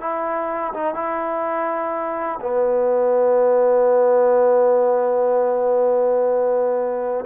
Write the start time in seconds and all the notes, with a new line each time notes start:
0.00 E4
0.74 D#4
0.94 E4
2.41 B3